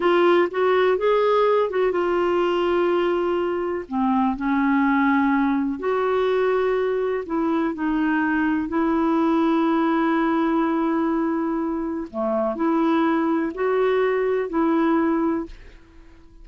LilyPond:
\new Staff \with { instrumentName = "clarinet" } { \time 4/4 \tempo 4 = 124 f'4 fis'4 gis'4. fis'8 | f'1 | c'4 cis'2. | fis'2. e'4 |
dis'2 e'2~ | e'1~ | e'4 a4 e'2 | fis'2 e'2 | }